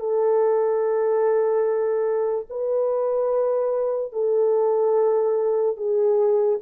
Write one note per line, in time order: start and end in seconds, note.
0.00 2.47 A4
2.50 4.13 B4
4.13 5.77 A4
5.77 6.59 G#4